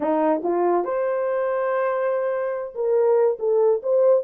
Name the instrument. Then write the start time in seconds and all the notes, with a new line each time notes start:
horn
0.00 D#4
0.43 F4
0.84 C5
2.74 A#4
3.39 A4
3.82 C5